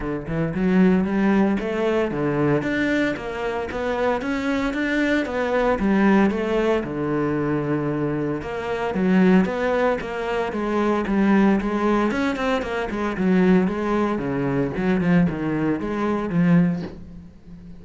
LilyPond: \new Staff \with { instrumentName = "cello" } { \time 4/4 \tempo 4 = 114 d8 e8 fis4 g4 a4 | d4 d'4 ais4 b4 | cis'4 d'4 b4 g4 | a4 d2. |
ais4 fis4 b4 ais4 | gis4 g4 gis4 cis'8 c'8 | ais8 gis8 fis4 gis4 cis4 | fis8 f8 dis4 gis4 f4 | }